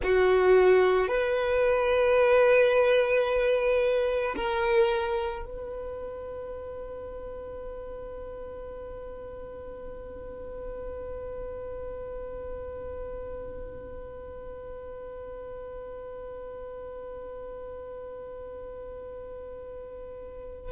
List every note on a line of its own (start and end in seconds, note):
0.03 1.08 F#4
1.08 4.35 B4
4.36 5.45 A#4
5.45 20.72 B4